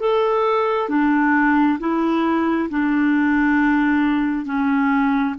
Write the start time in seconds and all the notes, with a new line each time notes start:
0.00 A4
0.89 D4
1.80 E4
2.70 D4
4.46 C#4